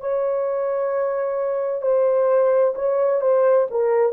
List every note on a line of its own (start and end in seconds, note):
0.00 1.82 C#5
1.82 2.74 C5
2.75 3.21 C#5
3.21 3.67 C5
3.70 4.12 A#4